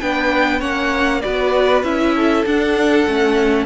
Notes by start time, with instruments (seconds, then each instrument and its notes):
0.00 cello B3, viola D4, violin B4 G5
0.60 cello A#3, viola C#4, violin C#5 F#5
1.21 cello B3, viola F#4, violin B4 D5
1.83 cello C#4, viola E4, violin E5
2.16 violin A4
2.46 cello D4, viola D4, violin F#5
3.08 cello A3, viola C#4